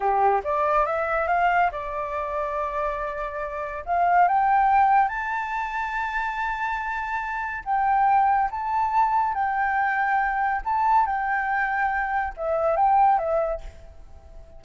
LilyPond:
\new Staff \with { instrumentName = "flute" } { \time 4/4 \tempo 4 = 141 g'4 d''4 e''4 f''4 | d''1~ | d''4 f''4 g''2 | a''1~ |
a''2 g''2 | a''2 g''2~ | g''4 a''4 g''2~ | g''4 e''4 g''4 e''4 | }